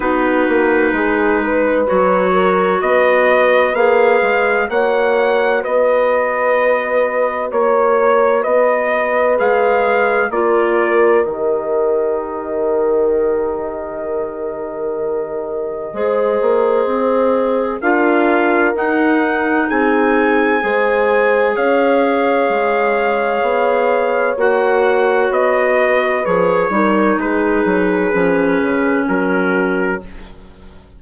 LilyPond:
<<
  \new Staff \with { instrumentName = "trumpet" } { \time 4/4 \tempo 4 = 64 b'2 cis''4 dis''4 | f''4 fis''4 dis''2 | cis''4 dis''4 f''4 d''4 | dis''1~ |
dis''2. f''4 | fis''4 gis''2 f''4~ | f''2 fis''4 dis''4 | cis''4 b'2 ais'4 | }
  \new Staff \with { instrumentName = "horn" } { \time 4/4 fis'4 gis'8 b'4 ais'8 b'4~ | b'4 cis''4 b'2 | cis''4 b'2 ais'4~ | ais'1~ |
ais'4 c''2 ais'4~ | ais'4 gis'4 c''4 cis''4~ | cis''2.~ cis''8 b'8~ | b'8 ais'8 gis'2 fis'4 | }
  \new Staff \with { instrumentName = "clarinet" } { \time 4/4 dis'2 fis'2 | gis'4 fis'2.~ | fis'2 gis'4 f'4 | g'1~ |
g'4 gis'2 f'4 | dis'2 gis'2~ | gis'2 fis'2 | gis'8 dis'4. cis'2 | }
  \new Staff \with { instrumentName = "bassoon" } { \time 4/4 b8 ais8 gis4 fis4 b4 | ais8 gis8 ais4 b2 | ais4 b4 gis4 ais4 | dis1~ |
dis4 gis8 ais8 c'4 d'4 | dis'4 c'4 gis4 cis'4 | gis4 b4 ais4 b4 | f8 g8 gis8 fis8 f8 cis8 fis4 | }
>>